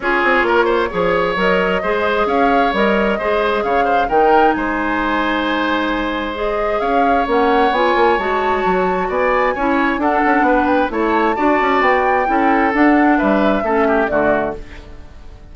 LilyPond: <<
  \new Staff \with { instrumentName = "flute" } { \time 4/4 \tempo 4 = 132 cis''2. dis''4~ | dis''4 f''4 dis''2 | f''4 g''4 gis''2~ | gis''2 dis''4 f''4 |
fis''4 gis''4 a''2 | gis''2 fis''4. g''8 | a''2 g''2 | fis''4 e''2 d''4 | }
  \new Staff \with { instrumentName = "oboe" } { \time 4/4 gis'4 ais'8 c''8 cis''2 | c''4 cis''2 c''4 | cis''8 c''8 ais'4 c''2~ | c''2. cis''4~ |
cis''1 | d''4 cis''4 a'4 b'4 | cis''4 d''2 a'4~ | a'4 b'4 a'8 g'8 fis'4 | }
  \new Staff \with { instrumentName = "clarinet" } { \time 4/4 f'2 gis'4 ais'4 | gis'2 ais'4 gis'4~ | gis'4 dis'2.~ | dis'2 gis'2 |
cis'4 f'4 fis'2~ | fis'4 e'4 d'2 | e'4 fis'2 e'4 | d'2 cis'4 a4 | }
  \new Staff \with { instrumentName = "bassoon" } { \time 4/4 cis'8 c'8 ais4 f4 fis4 | gis4 cis'4 g4 gis4 | cis4 dis4 gis2~ | gis2. cis'4 |
ais4 b8 ais8 gis4 fis4 | b4 cis'4 d'8 cis'8 b4 | a4 d'8 cis'8 b4 cis'4 | d'4 g4 a4 d4 | }
>>